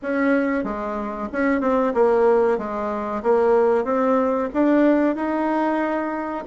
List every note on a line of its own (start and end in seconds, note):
0.02 0.64 C#4
0.64 1.28 G#3
1.32 1.60 C#4
1.60 1.93 C4
1.94 2.57 A#3
2.57 3.22 G#3
3.23 3.84 A#3
3.84 4.48 C4
4.53 5.15 D4
5.15 6.44 D#4